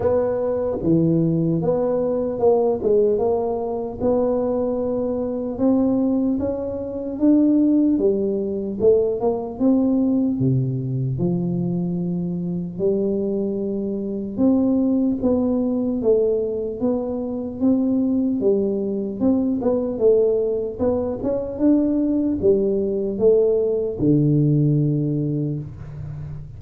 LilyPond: \new Staff \with { instrumentName = "tuba" } { \time 4/4 \tempo 4 = 75 b4 e4 b4 ais8 gis8 | ais4 b2 c'4 | cis'4 d'4 g4 a8 ais8 | c'4 c4 f2 |
g2 c'4 b4 | a4 b4 c'4 g4 | c'8 b8 a4 b8 cis'8 d'4 | g4 a4 d2 | }